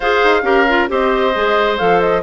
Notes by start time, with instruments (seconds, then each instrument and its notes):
0.00 bassoon F4, clarinet G#4, oboe C5, flute F5
0.24 bassoon D#4
0.42 bassoon C#4, clarinet G4, oboe A#4
0.68 clarinet F4
0.88 bassoon C4, clarinet G4, oboe C5, flute D#5
1.34 bassoon G#3, clarinet G#4
1.78 bassoon F3, clarinet A4, flute F5
2.00 flute D#5